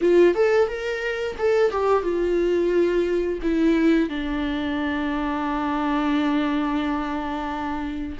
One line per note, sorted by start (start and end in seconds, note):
0.01 0.34 F4
0.34 0.68 A4
0.68 1.36 A#4
1.38 1.71 A4
1.71 2.03 G4
2.03 3.39 F4
3.42 4.09 E4
4.09 8.18 D4